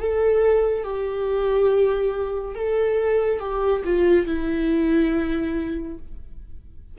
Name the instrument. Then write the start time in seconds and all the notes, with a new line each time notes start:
viola
0.00 A4
0.84 G4
2.55 A4
3.40 G4
3.85 F4
4.27 E4